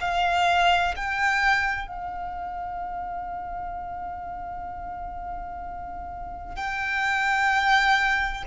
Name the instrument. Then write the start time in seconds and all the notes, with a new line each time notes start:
violin
0.00 F5
0.96 G5
1.87 F5
6.56 G5